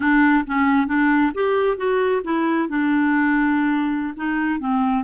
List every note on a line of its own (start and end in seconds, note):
0.00 0.44 D4
0.46 0.87 C#4
0.87 1.32 D4
1.34 1.77 G4
1.77 2.22 F#4
2.23 2.68 E4
2.69 4.14 D4
4.16 4.59 D#4
4.59 5.04 C4